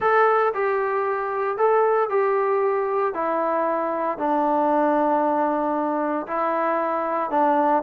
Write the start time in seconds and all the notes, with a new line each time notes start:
0.00 A4
0.54 G4
1.57 A4
2.09 G4
3.14 E4
4.18 D4
6.27 E4
7.30 D4